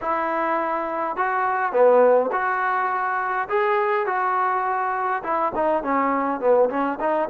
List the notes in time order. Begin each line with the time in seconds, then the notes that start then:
0.01 E4
1.16 F#4
1.72 B3
2.31 F#4
3.48 G#4
4.06 F#4
5.23 E4
5.55 D#4
5.83 C#4
6.40 B3
6.69 C#4
7.00 D#4